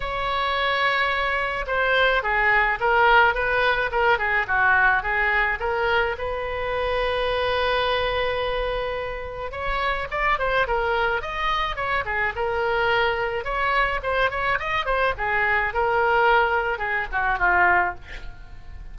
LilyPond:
\new Staff \with { instrumentName = "oboe" } { \time 4/4 \tempo 4 = 107 cis''2. c''4 | gis'4 ais'4 b'4 ais'8 gis'8 | fis'4 gis'4 ais'4 b'4~ | b'1~ |
b'4 cis''4 d''8 c''8 ais'4 | dis''4 cis''8 gis'8 ais'2 | cis''4 c''8 cis''8 dis''8 c''8 gis'4 | ais'2 gis'8 fis'8 f'4 | }